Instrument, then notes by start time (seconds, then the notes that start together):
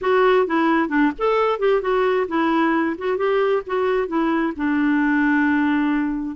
clarinet
0.01 F#4
0.46 E4
0.89 D4
1.18 A4
1.59 G4
1.81 F#4
2.28 E4
2.98 F#4
3.17 G4
3.66 F#4
4.07 E4
4.56 D4